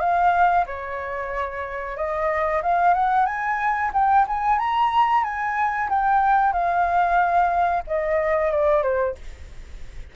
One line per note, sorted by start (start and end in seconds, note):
0.00 0.65 F5
0.66 1.97 C#5
1.97 2.62 D#5
2.63 2.94 F5
2.94 3.26 F#5
3.26 3.91 G#5
3.93 4.26 G5
4.27 4.59 G#5
4.59 5.24 A#5
5.24 5.89 G#5
5.90 6.53 G5
6.53 7.83 F5
7.87 8.51 D#5
8.51 8.83 D5
8.83 9.15 C5